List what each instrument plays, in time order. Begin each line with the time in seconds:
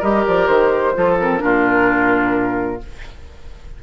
0.00 bassoon G3, clarinet G4, oboe A#4, flute D#5
0.27 bassoon F3, flute D5
0.48 bassoon D#3, flute C5
0.95 bassoon F3, clarinet F4, oboe A4
1.20 clarinet C4, flute A#4
1.39 bassoon A#2, clarinet D4, oboe F4